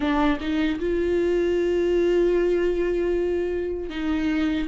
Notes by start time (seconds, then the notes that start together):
0.00 D4
0.40 D#4
0.79 F4
3.89 D#4